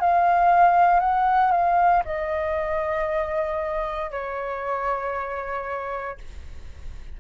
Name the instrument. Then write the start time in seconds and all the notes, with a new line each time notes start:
flute
0.00 F5
1.00 F#5
1.51 F5
2.05 D#5
4.11 C#5